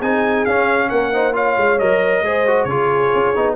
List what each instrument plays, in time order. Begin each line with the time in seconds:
0.00 tuba C4, trombone D#4, horn G#4, trumpet G#5
0.46 tuba C#4, trombone C#4, trumpet F5
0.90 tuba A#3, horn A#4, trumpet F#5
1.13 trombone D#4, horn C5
1.33 trombone F4, horn C#5, trumpet F5
1.58 tuba G#3
1.79 tuba F#3, trombone A#4, trumpet D#5
2.22 tuba G#3, trombone G#4, horn C5
2.47 trombone F#4
2.64 tuba C#3, trombone F4, horn G#4, trumpet C#5
3.15 tuba C#4
3.36 tuba B3, trombone D#4